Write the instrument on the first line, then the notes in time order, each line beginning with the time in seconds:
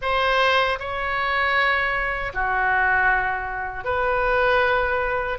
oboe
0.01 C5
0.79 C#5
2.33 F#4
3.84 B4